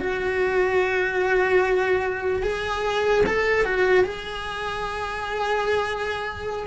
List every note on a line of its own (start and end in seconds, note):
0.00 2.43 F#4
2.43 3.24 G#4
3.26 3.65 A4
3.65 4.04 F#4
4.04 6.67 G#4